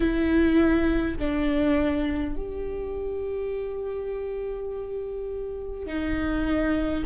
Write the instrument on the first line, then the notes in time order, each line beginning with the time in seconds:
viola
0.00 E4
1.18 D4
2.35 G4
5.86 D#4